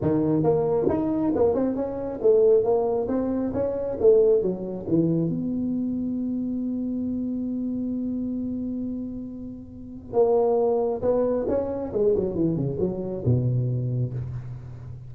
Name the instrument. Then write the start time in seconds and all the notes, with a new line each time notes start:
tuba
0.01 D#3
0.43 A#3
0.88 D#4
1.35 A#3
1.54 C4
1.75 C#4
2.22 A3
2.63 A#3
3.08 C4
3.53 C#4
4.00 A3
4.41 F#3
4.88 E3
5.29 B3
10.13 A#3
11.01 B3
11.48 C#4
11.92 G#3
12.15 F#3
12.34 E3
12.56 C#3
12.79 F#3
13.25 B2